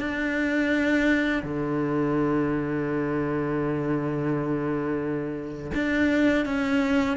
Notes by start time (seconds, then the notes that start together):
0.00 D4
1.43 D3
5.74 D4
6.45 C#4